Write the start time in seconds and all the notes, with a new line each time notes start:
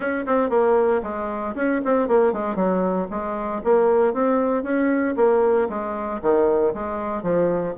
0.00 C#4
0.26 C4
0.49 A#3
1.03 G#3
1.55 C#4
1.85 C4
2.08 A#3
2.33 G#3
2.55 F#3
3.10 G#3
3.63 A#3
4.13 C4
4.63 C#4
5.16 A#3
5.69 G#3
6.22 D#3
6.74 G#3
7.22 F3